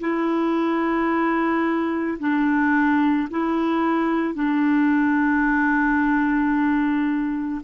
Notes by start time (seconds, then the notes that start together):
0.00 E4
2.19 D4
3.30 E4
4.34 D4